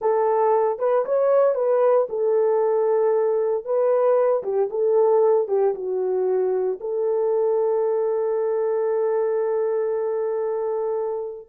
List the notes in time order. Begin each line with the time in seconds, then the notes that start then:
0.01 A4
0.78 B4
1.05 C#5
1.54 B4
2.09 A4
3.64 B4
4.43 G4
4.70 A4
5.48 G4
5.74 F#4
6.80 A4